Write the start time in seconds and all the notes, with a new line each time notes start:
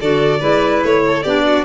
0.00 D3 F#4 A4 D5
0.39 G#3 E4 B4
0.83 A3 C#5
1.07 A4
1.23 B3 D4 G4 D5
1.44 F#4